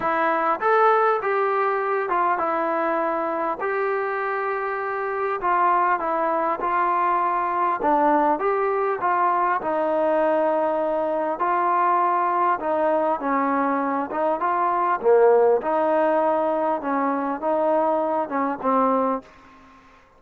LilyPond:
\new Staff \with { instrumentName = "trombone" } { \time 4/4 \tempo 4 = 100 e'4 a'4 g'4. f'8 | e'2 g'2~ | g'4 f'4 e'4 f'4~ | f'4 d'4 g'4 f'4 |
dis'2. f'4~ | f'4 dis'4 cis'4. dis'8 | f'4 ais4 dis'2 | cis'4 dis'4. cis'8 c'4 | }